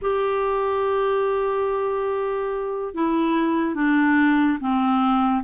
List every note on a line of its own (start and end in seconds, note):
0.01 2.94 G4
2.94 3.74 E4
3.74 4.58 D4
4.60 5.44 C4